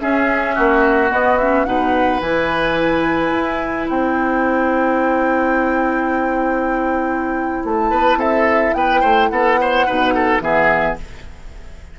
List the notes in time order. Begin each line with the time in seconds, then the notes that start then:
0.00 C#4 G#4 E5
0.55 A#3 F#4
1.10 B3 D#5
1.39 C#4 E5
1.65 B2 D#4 B4 F#5
2.21 E3 E4 G#5
3.32 E4
3.90 C4 C5 G5
7.64 A3 A5
7.91 B3 B4
8.17 C4 A4 E5
8.74 B3 B4 G5
9.01 A3 C5
9.29 B3 A4 F#5
9.61 C5
9.86 B2 D#4 B4
10.15 A4
10.40 E3 B3 G#4 E5